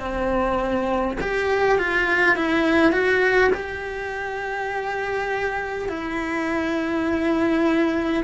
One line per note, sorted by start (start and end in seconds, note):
0.00 1.18 C4
1.21 1.79 G4
1.79 2.36 F4
2.36 2.93 E4
2.93 3.51 F#4
3.55 5.89 G4
5.89 8.25 E4